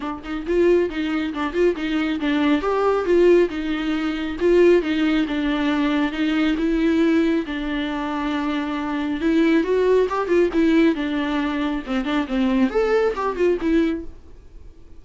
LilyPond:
\new Staff \with { instrumentName = "viola" } { \time 4/4 \tempo 4 = 137 d'8 dis'8 f'4 dis'4 d'8 f'8 | dis'4 d'4 g'4 f'4 | dis'2 f'4 dis'4 | d'2 dis'4 e'4~ |
e'4 d'2.~ | d'4 e'4 fis'4 g'8 f'8 | e'4 d'2 c'8 d'8 | c'4 a'4 g'8 f'8 e'4 | }